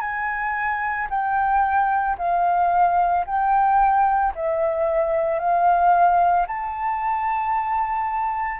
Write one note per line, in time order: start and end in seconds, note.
0.00 1.07 G#5
1.10 2.17 G5
2.18 3.25 F5
3.26 4.33 G5
4.35 5.39 E5
5.39 6.46 F5
6.47 8.60 A5